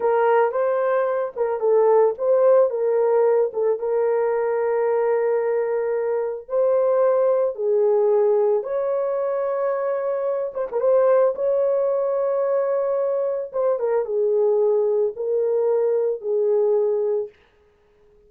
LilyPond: \new Staff \with { instrumentName = "horn" } { \time 4/4 \tempo 4 = 111 ais'4 c''4. ais'8 a'4 | c''4 ais'4. a'8 ais'4~ | ais'1 | c''2 gis'2 |
cis''2.~ cis''8 c''16 ais'16 | c''4 cis''2.~ | cis''4 c''8 ais'8 gis'2 | ais'2 gis'2 | }